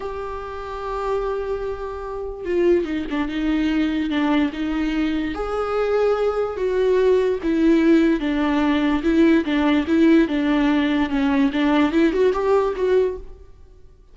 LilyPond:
\new Staff \with { instrumentName = "viola" } { \time 4/4 \tempo 4 = 146 g'1~ | g'2 f'4 dis'8 d'8 | dis'2 d'4 dis'4~ | dis'4 gis'2. |
fis'2 e'2 | d'2 e'4 d'4 | e'4 d'2 cis'4 | d'4 e'8 fis'8 g'4 fis'4 | }